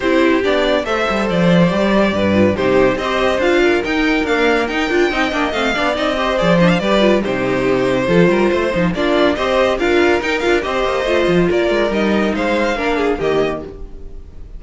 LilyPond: <<
  \new Staff \with { instrumentName = "violin" } { \time 4/4 \tempo 4 = 141 c''4 d''4 e''4 d''4~ | d''2 c''4 dis''4 | f''4 g''4 f''4 g''4~ | g''4 f''4 dis''4 d''8 dis''16 f''16 |
d''4 c''2.~ | c''4 d''4 dis''4 f''4 | g''8 f''8 dis''2 d''4 | dis''4 f''2 dis''4 | }
  \new Staff \with { instrumentName = "violin" } { \time 4/4 g'2 c''2~ | c''4 b'4 g'4 c''4~ | c''8 ais'2.~ ais'8 | dis''4. d''4 c''4. |
b'4 g'2 a'8 ais'8 | c''4 f'4 c''4 ais'4~ | ais'4 c''2 ais'4~ | ais'4 c''4 ais'8 gis'8 g'4 | }
  \new Staff \with { instrumentName = "viola" } { \time 4/4 e'4 d'4 a'2 | g'4. f'8 dis'4 g'4 | f'4 dis'4 ais4 dis'8 f'8 | dis'8 d'8 c'8 d'8 dis'8 g'8 gis'8 d'8 |
g'8 f'8 dis'2 f'4~ | f'8 dis'8 d'4 g'4 f'4 | dis'8 f'8 g'4 f'2 | dis'2 d'4 ais4 | }
  \new Staff \with { instrumentName = "cello" } { \time 4/4 c'4 b4 a8 g8 f4 | g4 g,4 c4 c'4 | d'4 dis'4 d'4 dis'8 d'8 | c'8 ais8 a8 b8 c'4 f4 |
g4 c2 f8 g8 | a8 f8 ais4 c'4 d'4 | dis'8 d'8 c'8 ais8 a8 f8 ais8 gis8 | g4 gis4 ais4 dis4 | }
>>